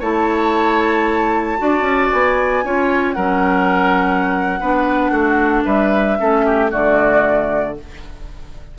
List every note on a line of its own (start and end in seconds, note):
0.00 1.59 A3
0.00 1.59 E4
0.00 1.58 C#5
0.00 2.12 A5
1.59 1.82 D4
1.59 2.64 F#4
1.59 2.65 D5
1.82 2.08 C#4
2.13 2.64 B3
2.13 3.13 G#5
2.64 3.17 C#4
2.64 3.16 F4
2.64 3.16 C#5
3.13 4.61 F#3
3.13 4.61 C#4
3.13 4.60 A#4
3.13 5.63 F#5
4.60 5.11 B3
4.60 6.19 D4
4.60 5.12 B4
5.11 5.63 A3
5.11 5.64 F#4
5.65 6.19 G3
5.65 6.18 B4
5.65 6.71 E5
6.19 6.73 A3
6.19 6.70 C#4
6.19 6.46 A4
6.46 6.71 G4
6.70 7.79 D3
6.70 7.75 A3
6.70 7.76 F#4
6.70 7.78 D5